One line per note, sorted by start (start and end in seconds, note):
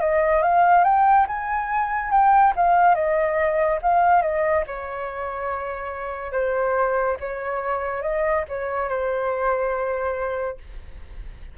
0.00 0.42 D#5
0.42 0.84 F5
0.84 1.26 G5
1.27 2.11 G#5
2.11 2.53 G5
2.56 2.94 F5
2.94 3.79 D#5
3.82 4.22 F5
4.22 4.64 D#5
4.66 6.32 C#5
6.32 7.16 C5
7.20 8.02 C#5
8.02 8.44 D#5
8.48 8.88 C#5
8.88 10.57 C5